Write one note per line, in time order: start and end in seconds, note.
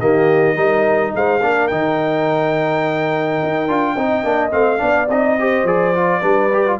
0.00 0.57 D#3
0.00 0.56 A#3
0.00 0.55 G4
0.00 1.13 D#5
0.55 1.13 G3
0.55 1.41 D#4
0.55 1.12 A#4
1.15 1.43 G#3
1.15 1.41 C5
1.15 1.68 F5
1.41 1.71 A#3
1.41 1.71 D4
1.41 3.95 A#4
1.68 3.41 D#3
1.68 3.68 D#4
1.68 4.51 G5
3.43 3.68 D#4
3.68 3.96 D4
3.68 3.96 F4
3.95 4.24 C4
3.95 4.24 D#4
3.95 4.80 D#5
4.24 4.52 A#3
4.24 4.51 D4
4.51 4.81 A3
4.51 4.78 C4
4.51 5.08 F5
4.78 5.09 B3
4.78 5.06 D4
4.78 5.39 D5
5.09 5.64 C4
5.09 5.39 D#4
5.09 5.67 D#5
5.39 5.66 G4
5.39 6.21 C5
5.64 6.20 F3
5.64 5.94 G#4
5.64 6.80 D5
5.95 6.22 F4
6.21 6.80 G3
6.21 6.50 D4
6.21 6.77 B4
6.53 6.67 G4
6.67 6.80 F4